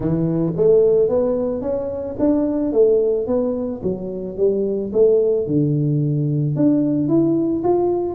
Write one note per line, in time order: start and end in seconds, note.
0.00 0.53 E3
0.56 1.08 A3
1.08 1.61 B3
1.61 2.16 C#4
2.19 2.72 D4
2.72 3.26 A3
3.26 3.81 B3
3.83 4.37 F#3
4.37 4.91 G3
4.92 5.46 A3
5.46 6.56 D3
6.56 7.08 D4
7.08 7.63 E4
7.63 8.15 F4